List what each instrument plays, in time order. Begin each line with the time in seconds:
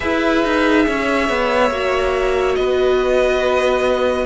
0.00 cello E4, viola G#4, violin B4 E5
0.44 cello D#4
0.86 cello C#4, violin C#5
1.29 cello B3
1.70 cello A#3, viola F#4
2.55 cello B3, violin B4 D#5